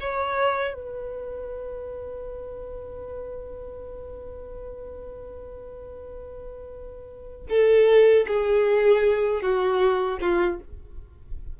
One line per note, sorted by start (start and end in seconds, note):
0.00 0.74 C#5
0.74 7.47 B4
7.49 8.26 A4
8.27 9.42 G#4
9.42 10.19 F#4
10.21 10.60 F4